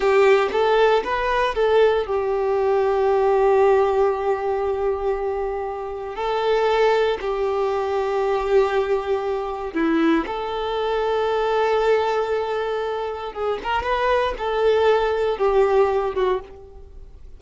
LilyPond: \new Staff \with { instrumentName = "violin" } { \time 4/4 \tempo 4 = 117 g'4 a'4 b'4 a'4 | g'1~ | g'1 | a'2 g'2~ |
g'2. e'4 | a'1~ | a'2 gis'8 ais'8 b'4 | a'2 g'4. fis'8 | }